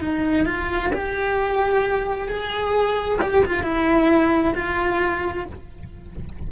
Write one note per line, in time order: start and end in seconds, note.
0.00 0.45 D#4
0.45 0.91 F4
0.93 2.28 G4
2.28 3.19 G#4
3.21 3.44 G4
3.45 3.63 F4
3.63 4.54 E4
4.55 5.45 F4